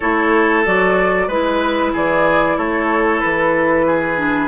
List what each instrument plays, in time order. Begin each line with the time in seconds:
0.00 bassoon A3, clarinet E4, oboe A4, flute C#5
0.65 bassoon F#3, clarinet F#4, flute D5
1.27 bassoon G#3, clarinet E4, oboe B4, flute B4
1.92 bassoon E3, oboe G#4, flute D5
2.57 bassoon A3, oboe A4, flute C#5
3.20 bassoon E3, flute B4
3.86 oboe G#4
4.17 clarinet D4